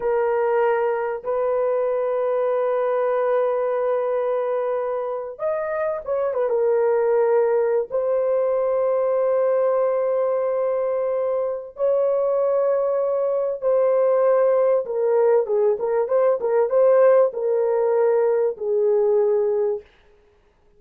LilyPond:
\new Staff \with { instrumentName = "horn" } { \time 4/4 \tempo 4 = 97 ais'2 b'2~ | b'1~ | b'8. dis''4 cis''8 b'16 ais'4.~ | ais'8. c''2.~ c''16~ |
c''2. cis''4~ | cis''2 c''2 | ais'4 gis'8 ais'8 c''8 ais'8 c''4 | ais'2 gis'2 | }